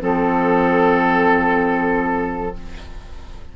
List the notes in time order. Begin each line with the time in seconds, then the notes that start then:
0.00 F3 C4 A4